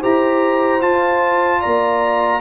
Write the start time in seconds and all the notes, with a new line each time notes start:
0.00 E4 G4 C5 A#5
0.82 F4 A5
1.61 A#3 D5 A#5